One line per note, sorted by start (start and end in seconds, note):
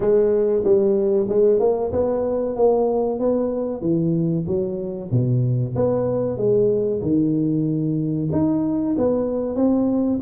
0.00 0.63 G#3
0.64 1.27 G3
1.29 1.59 G#3
1.59 1.91 A#3
1.91 2.55 B3
2.56 3.19 A#3
3.19 3.81 B3
3.81 4.45 E3
4.47 5.10 F#3
5.11 5.74 B2
5.75 6.37 B3
6.37 7.01 G#3
7.01 8.29 D#3
8.32 8.96 D#4
8.97 9.55 B3
9.55 10.19 C4